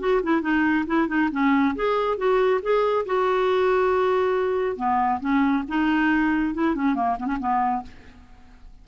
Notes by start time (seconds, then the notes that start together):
0.00 F#4
0.23 E4
0.42 D#4
0.87 E4
1.08 D#4
1.32 C#4
1.75 G#4
2.17 F#4
2.62 G#4
3.06 F#4
4.76 B3
5.20 C#4
5.68 D#4
6.55 E4
6.75 C#4
6.95 A#3
7.19 B3
7.26 C#4
7.39 B3